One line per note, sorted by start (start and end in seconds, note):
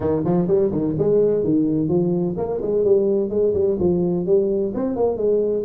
0.00 0.23 D#3
0.24 0.47 F3
0.47 0.71 G3
0.71 0.95 D#3
0.98 1.44 G#3
1.44 1.88 D#3
1.88 2.35 F3
2.37 2.60 A#3
2.61 2.84 G#3
2.84 3.29 G3
3.29 3.53 G#3
3.54 3.77 G3
3.79 4.26 F3
4.26 4.73 G3
4.74 4.96 C4
4.96 5.16 A#3
5.16 5.64 G#3